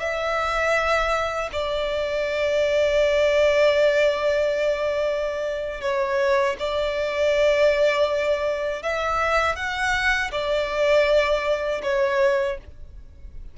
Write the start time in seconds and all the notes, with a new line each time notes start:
0.00 E5
1.52 D5
5.81 C#5
6.59 D5
8.83 E5
9.56 F#5
10.32 D5
11.83 C#5